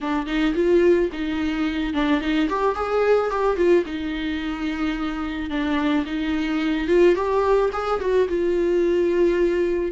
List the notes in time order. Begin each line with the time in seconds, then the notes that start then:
0.01 D4
0.26 D#4
0.55 F4
1.12 D#4
1.93 D4
2.20 D#4
2.49 G4
2.75 G#4
3.30 G4
3.56 F4
3.85 D#4
5.49 D4
6.05 D#4
6.87 F4
7.15 G4
7.73 G#4
8.00 F#4
8.28 F4